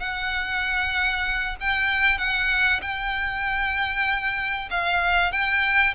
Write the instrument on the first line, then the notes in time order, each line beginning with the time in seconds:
violin
0.00 F#5
1.61 G5
2.18 F#5
2.82 G5
4.71 F5
5.32 G5